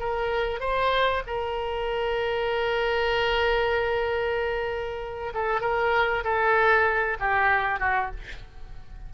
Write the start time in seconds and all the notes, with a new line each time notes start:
0.00 A#4
0.60 C5
1.27 A#4
5.34 A4
5.61 A#4
6.24 A4
7.20 G4
7.80 F#4